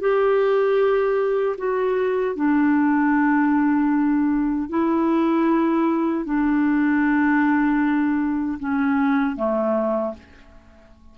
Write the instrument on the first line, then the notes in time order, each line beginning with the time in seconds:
clarinet
0.00 G4
1.58 F#4
2.36 D4
4.69 E4
6.24 D4
8.59 C#4
9.36 A3